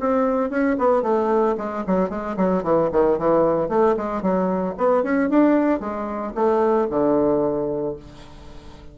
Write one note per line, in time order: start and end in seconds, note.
0.00 0.50 C4
0.50 0.77 C#4
0.79 1.03 B3
1.03 1.56 A3
1.57 1.84 G#3
1.87 2.10 F#3
2.10 2.36 G#3
2.37 2.63 F#3
2.63 2.90 E3
2.92 3.19 D#3
3.19 3.69 E3
3.69 3.95 A3
3.97 4.22 G#3
4.22 4.75 F#3
4.78 5.03 B3
5.03 5.30 C#4
5.30 5.80 D4
5.80 6.33 G#3
6.35 6.88 A3
6.90 7.96 D3